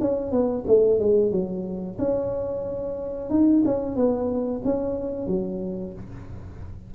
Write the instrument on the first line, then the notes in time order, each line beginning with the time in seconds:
tuba
0.00 C#4
0.31 B3
0.67 A3
1.00 G#3
1.32 F#3
1.99 C#4
3.30 D#4
3.65 C#4
3.96 B3
4.64 C#4
5.27 F#3